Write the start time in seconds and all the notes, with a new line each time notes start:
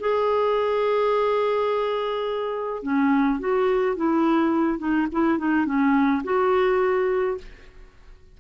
0.00 G#4
2.83 C#4
3.40 F#4
3.96 E4
4.79 D#4
5.12 E4
5.38 D#4
5.66 C#4
6.24 F#4